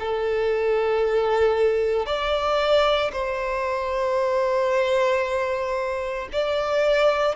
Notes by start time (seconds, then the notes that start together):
0.00 A4
2.06 D5
3.13 C5
6.33 D5